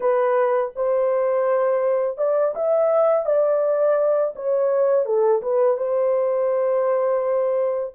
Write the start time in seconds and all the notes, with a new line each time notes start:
0.00 B4
0.75 C5
2.17 D5
2.55 E5
3.25 D5
4.35 C#5
5.05 A4
5.42 B4
5.77 C5